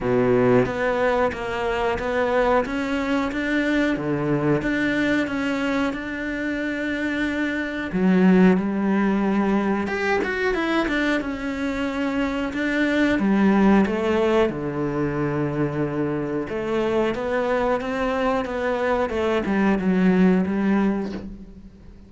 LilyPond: \new Staff \with { instrumentName = "cello" } { \time 4/4 \tempo 4 = 91 b,4 b4 ais4 b4 | cis'4 d'4 d4 d'4 | cis'4 d'2. | fis4 g2 g'8 fis'8 |
e'8 d'8 cis'2 d'4 | g4 a4 d2~ | d4 a4 b4 c'4 | b4 a8 g8 fis4 g4 | }